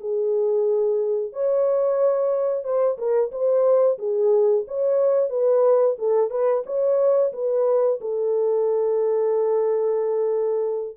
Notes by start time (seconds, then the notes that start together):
0.00 G#4
1.33 C#5
2.64 C5
2.98 A#4
3.31 C5
3.98 G#4
4.67 C#5
5.29 B4
5.98 A4
6.30 B4
6.66 C#5
7.33 B4
8.01 A4